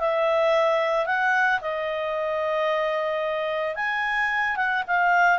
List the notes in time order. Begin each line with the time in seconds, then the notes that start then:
0.00 E5
1.06 F#5
1.61 D#5
3.76 G#5
4.57 F#5
4.87 F5